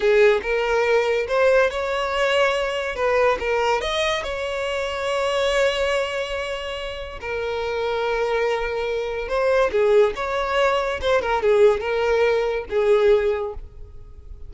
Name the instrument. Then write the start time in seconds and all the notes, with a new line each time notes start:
violin
0.00 G#4
0.42 A#4
1.28 C5
1.70 C#5
2.95 B4
3.39 A#4
3.81 D#5
4.23 C#5
7.20 A#4
9.28 C5
9.71 G#4
10.15 C#5
11.01 C5
11.21 A#4
11.42 G#4
11.80 A#4
12.69 G#4